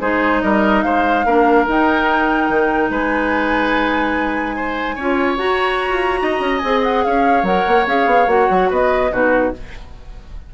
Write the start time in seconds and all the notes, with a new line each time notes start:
0.00 G#3 D#4 G#4 C5
0.41 G3 A#4 D#5
0.82 G#3 C5 F5
1.25 A#3 D4 A#4
1.67 D#4 G5
2.49 D#3
2.89 G#3 B4 G#5
4.56 C5
4.95 C#4 F4 C#5
5.37 F#4 A#5
5.89 F4
6.21 D#4 D#5
6.39 C#4
6.58 C4 G#4 G#5
6.83 F#5
7.03 C#4 C#5 F5
7.43 F#3 A#4 F#5
7.67 A#3
7.86 C#4 G#4 F5
8.06 B3
8.26 A#3 F#4 F#5
8.50 F#3
8.69 B3 B4 D#5
9.11 B2 D#4 F#4 B4